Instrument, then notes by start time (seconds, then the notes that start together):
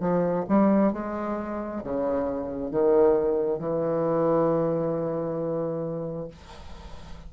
bassoon
0.00 F3
0.48 G3
0.92 G#3
1.84 C#3
2.71 D#3
3.59 E3